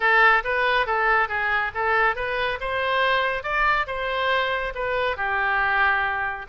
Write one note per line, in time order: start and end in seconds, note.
0.00 0.43 A4
0.44 0.86 B4
0.86 1.28 A4
1.28 1.71 G#4
1.74 2.15 A4
2.15 2.58 B4
2.60 3.43 C5
3.43 3.86 D5
3.87 4.73 C5
4.74 5.16 B4
5.16 6.46 G4